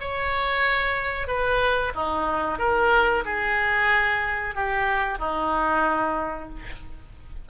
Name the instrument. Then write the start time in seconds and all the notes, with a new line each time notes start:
oboe
0.00 C#5
1.27 B4
1.95 D#4
2.59 A#4
3.25 G#4
4.55 G4
5.19 D#4